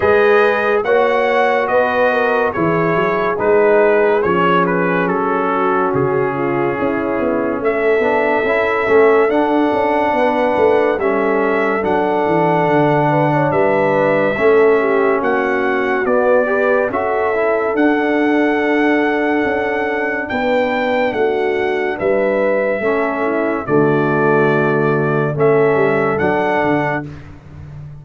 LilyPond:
<<
  \new Staff \with { instrumentName = "trumpet" } { \time 4/4 \tempo 4 = 71 dis''4 fis''4 dis''4 cis''4 | b'4 cis''8 b'8 a'4 gis'4~ | gis'4 e''2 fis''4~ | fis''4 e''4 fis''2 |
e''2 fis''4 d''4 | e''4 fis''2. | g''4 fis''4 e''2 | d''2 e''4 fis''4 | }
  \new Staff \with { instrumentName = "horn" } { \time 4/4 b'4 cis''4 b'8 ais'8 gis'4~ | gis'2~ gis'8 fis'4 f'8 | e'4 a'2. | b'4 a'2~ a'8 b'16 cis''16 |
b'4 a'8 g'8 fis'4. b'8 | a'1 | b'4 fis'4 b'4 a'8 e'8 | fis'2 a'2 | }
  \new Staff \with { instrumentName = "trombone" } { \time 4/4 gis'4 fis'2 e'4 | dis'4 cis'2.~ | cis'4. d'8 e'8 cis'8 d'4~ | d'4 cis'4 d'2~ |
d'4 cis'2 b8 g'8 | fis'8 e'8 d'2.~ | d'2. cis'4 | a2 cis'4 d'4 | }
  \new Staff \with { instrumentName = "tuba" } { \time 4/4 gis4 ais4 b4 e8 fis8 | gis4 f4 fis4 cis4 | cis'8 b8 a8 b8 cis'8 a8 d'8 cis'8 | b8 a8 g4 fis8 e8 d4 |
g4 a4 ais4 b4 | cis'4 d'2 cis'4 | b4 a4 g4 a4 | d2 a8 g8 fis8 d8 | }
>>